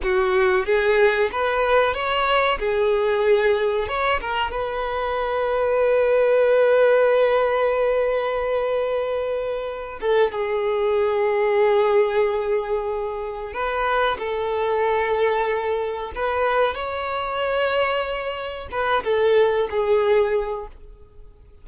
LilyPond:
\new Staff \with { instrumentName = "violin" } { \time 4/4 \tempo 4 = 93 fis'4 gis'4 b'4 cis''4 | gis'2 cis''8 ais'8 b'4~ | b'1~ | b'2.~ b'8 a'8 |
gis'1~ | gis'4 b'4 a'2~ | a'4 b'4 cis''2~ | cis''4 b'8 a'4 gis'4. | }